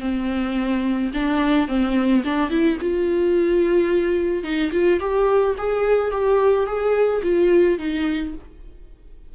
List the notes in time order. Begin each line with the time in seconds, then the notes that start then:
0.00 C4
1.13 D4
1.68 C4
2.24 D4
2.49 E4
2.81 F4
4.43 D#4
4.72 F4
4.99 G4
5.58 G#4
6.11 G4
6.66 G#4
7.23 F4
7.78 D#4